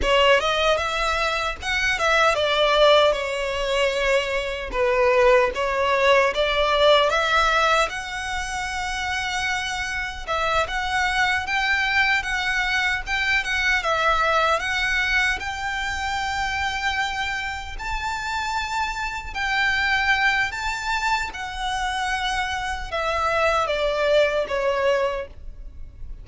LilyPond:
\new Staff \with { instrumentName = "violin" } { \time 4/4 \tempo 4 = 76 cis''8 dis''8 e''4 fis''8 e''8 d''4 | cis''2 b'4 cis''4 | d''4 e''4 fis''2~ | fis''4 e''8 fis''4 g''4 fis''8~ |
fis''8 g''8 fis''8 e''4 fis''4 g''8~ | g''2~ g''8 a''4.~ | a''8 g''4. a''4 fis''4~ | fis''4 e''4 d''4 cis''4 | }